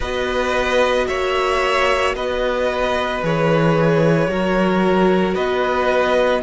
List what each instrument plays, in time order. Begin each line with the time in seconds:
0.00 cello B3, viola F#4, violin B4 D#5
1.07 cello A#3, violin C#5 E5
2.14 cello B3, violin B4 D#5
3.22 cello E3, viola G#4, violin C#5
4.28 cello F#3, viola F#4, violin A#4
5.34 cello B3, violin B4 D#5